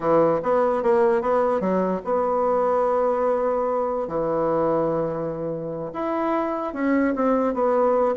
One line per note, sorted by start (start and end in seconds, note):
0.00 0.40 E3
0.42 0.82 B3
0.82 1.21 A#3
1.21 1.60 B3
1.60 2.01 F#3
2.04 4.07 B3
4.07 5.91 E3
5.93 6.73 E4
6.73 7.14 C#4
7.15 7.54 C4
7.54 8.15 B3